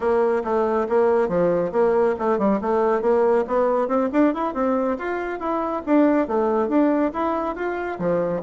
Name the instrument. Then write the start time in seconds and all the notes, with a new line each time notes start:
bassoon
0.00 A#3
0.44 A3
0.88 A#3
1.28 F3
1.71 A#3
2.18 A3
2.38 G3
2.61 A3
3.01 A#3
3.47 B3
3.87 C4
4.12 D4
4.34 E4
4.54 C4
4.98 F4
5.39 E4
5.85 D4
6.27 A3
6.68 D4
7.13 E4
7.55 F4
7.99 F3